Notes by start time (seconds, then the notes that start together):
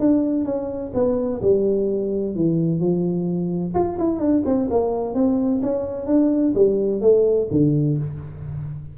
0.00 D4
0.45 C#4
0.95 B3
1.42 G3
2.36 E3
2.80 F3
3.75 F4
3.99 E4
4.20 D4
4.46 C4
4.71 A#3
5.15 C4
5.63 C#4
6.07 D4
6.55 G3
7.02 A3
7.51 D3